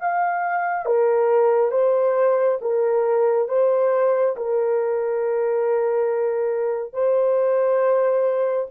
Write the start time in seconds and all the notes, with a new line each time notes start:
0.00 F5
0.86 A#4
1.71 C5
2.61 A#4
3.49 C5
4.36 A#4
6.93 C5